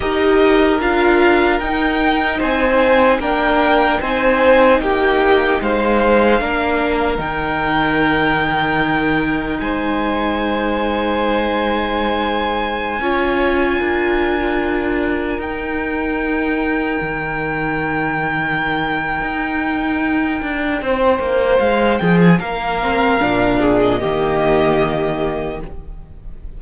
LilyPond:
<<
  \new Staff \with { instrumentName = "violin" } { \time 4/4 \tempo 4 = 75 dis''4 f''4 g''4 gis''4 | g''4 gis''4 g''4 f''4~ | f''4 g''2. | gis''1~ |
gis''2.~ gis''16 g''8.~ | g''1~ | g''2. f''8 g''16 gis''16 | f''4.~ f''16 dis''2~ dis''16 | }
  \new Staff \with { instrumentName = "violin" } { \time 4/4 ais'2. c''4 | ais'4 c''4 g'4 c''4 | ais'1 | c''1~ |
c''16 cis''4 ais'2~ ais'8.~ | ais'1~ | ais'2 c''4. gis'8 | ais'4. gis'8 g'2 | }
  \new Staff \with { instrumentName = "viola" } { \time 4/4 g'4 f'4 dis'2 | d'4 dis'2. | d'4 dis'2.~ | dis'1~ |
dis'16 f'2. dis'8.~ | dis'1~ | dis'1~ | dis'8 c'8 d'4 ais2 | }
  \new Staff \with { instrumentName = "cello" } { \time 4/4 dis'4 d'4 dis'4 c'4 | ais4 c'4 ais4 gis4 | ais4 dis2. | gis1~ |
gis16 cis'4 d'2 dis'8.~ | dis'4~ dis'16 dis2~ dis8. | dis'4. d'8 c'8 ais8 gis8 f8 | ais4 ais,4 dis2 | }
>>